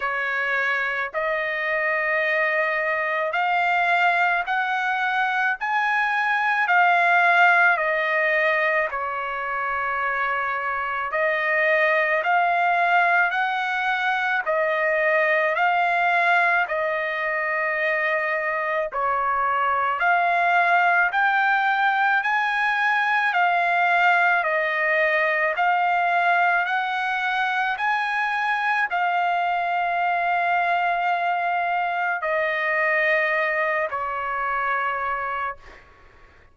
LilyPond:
\new Staff \with { instrumentName = "trumpet" } { \time 4/4 \tempo 4 = 54 cis''4 dis''2 f''4 | fis''4 gis''4 f''4 dis''4 | cis''2 dis''4 f''4 | fis''4 dis''4 f''4 dis''4~ |
dis''4 cis''4 f''4 g''4 | gis''4 f''4 dis''4 f''4 | fis''4 gis''4 f''2~ | f''4 dis''4. cis''4. | }